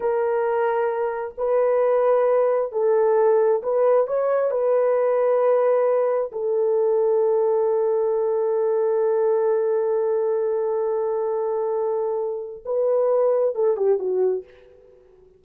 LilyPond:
\new Staff \with { instrumentName = "horn" } { \time 4/4 \tempo 4 = 133 ais'2. b'4~ | b'2 a'2 | b'4 cis''4 b'2~ | b'2 a'2~ |
a'1~ | a'1~ | a'1 | b'2 a'8 g'8 fis'4 | }